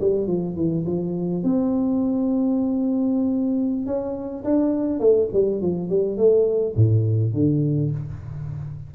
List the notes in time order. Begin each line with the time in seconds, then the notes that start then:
0.00 G3
0.27 F3
0.56 E3
0.86 F3
1.43 C4
3.86 C#4
4.44 D4
5.00 A3
5.33 G3
5.61 F3
5.89 G3
6.17 A3
6.76 A2
7.33 D3